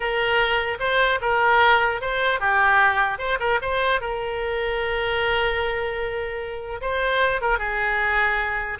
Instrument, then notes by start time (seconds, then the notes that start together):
oboe
0.00 A#4
0.79 C5
1.21 A#4
2.01 C5
2.39 G4
3.18 C5
3.39 A#4
3.61 C5
4.01 A#4
6.81 C5
7.41 A#4
7.58 G#4